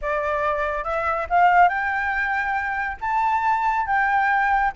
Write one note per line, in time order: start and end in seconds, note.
0.01 0.84 D5
0.84 1.26 E5
1.29 1.68 F5
1.68 2.97 G5
3.00 3.86 A5
3.86 4.72 G5